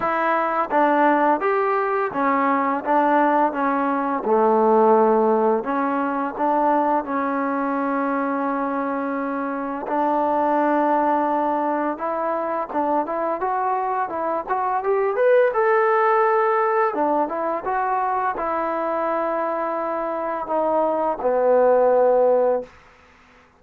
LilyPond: \new Staff \with { instrumentName = "trombone" } { \time 4/4 \tempo 4 = 85 e'4 d'4 g'4 cis'4 | d'4 cis'4 a2 | cis'4 d'4 cis'2~ | cis'2 d'2~ |
d'4 e'4 d'8 e'8 fis'4 | e'8 fis'8 g'8 b'8 a'2 | d'8 e'8 fis'4 e'2~ | e'4 dis'4 b2 | }